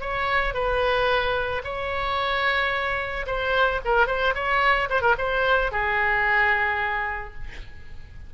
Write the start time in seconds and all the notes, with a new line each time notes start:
0.00 C#5
0.54 B4
1.64 C#5
3.26 C5
3.85 A#4
4.07 C5
4.35 C#5
4.89 C5
5.01 A#4
5.18 C5
5.71 G#4